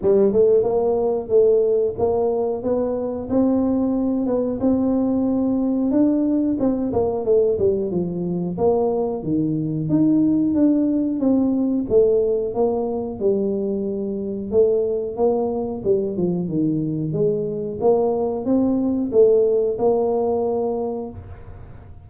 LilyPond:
\new Staff \with { instrumentName = "tuba" } { \time 4/4 \tempo 4 = 91 g8 a8 ais4 a4 ais4 | b4 c'4. b8 c'4~ | c'4 d'4 c'8 ais8 a8 g8 | f4 ais4 dis4 dis'4 |
d'4 c'4 a4 ais4 | g2 a4 ais4 | g8 f8 dis4 gis4 ais4 | c'4 a4 ais2 | }